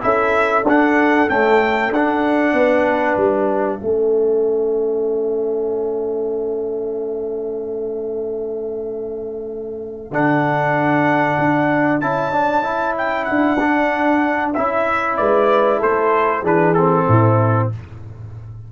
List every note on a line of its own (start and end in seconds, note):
0.00 0.63 C#4
0.00 0.63 E4
0.00 2.55 A4
0.00 0.65 E5
0.63 1.26 D4
0.63 1.29 D4
0.63 1.29 F#5
1.29 1.92 A3
1.29 1.91 C#4
1.29 1.92 G5
1.91 2.53 D4
1.91 3.79 D4
1.91 3.17 F#5
2.53 3.16 B3
2.53 3.81 B4
3.16 3.80 G3
3.16 10.12 E5
3.79 10.10 A3
3.79 10.10 C#4
3.79 15.18 A4
10.10 11.36 D3
10.10 12.01 D4
10.10 12.00 F#5
11.38 12.01 D4
12.00 13.27 C#4
12.00 12.32 E4
12.00 12.95 A5
12.32 12.62 D4
12.62 13.57 E4
12.97 13.24 G5
13.24 14.56 D4
13.24 14.51 F#5
13.59 14.54 D4
14.53 15.19 C#4
14.53 16.43 E4
14.53 15.16 E5
15.16 15.82 G#3
15.16 15.78 B4
15.16 15.79 D5
15.78 16.43 A3
15.78 16.41 A4
15.78 16.45 C5
16.41 17.06 E3
16.41 16.75 D4
16.41 17.04 G#4
16.41 16.73 B4
16.73 17.72 C4
16.73 17.68 A4
17.07 17.71 A2
17.07 17.71 E4